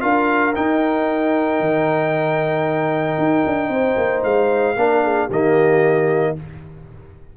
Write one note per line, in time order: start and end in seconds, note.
0.00 0.56 D4
0.00 0.53 F4
0.00 3.71 A#4
0.00 0.53 F5
0.55 4.76 D#4
0.55 1.60 D#4
0.55 4.23 G5
1.60 3.18 D#3
3.18 3.44 D#4
3.46 3.69 D4
3.69 3.95 C4
3.69 4.77 C5
3.96 4.23 A#3
4.23 4.76 G#3
4.23 5.29 F5
4.76 5.28 A#3
4.76 5.30 D4
4.76 5.04 A#4
5.04 5.27 G#4
5.27 6.35 D#3
5.27 6.37 A#3
5.27 6.32 G4
5.27 6.37 D#5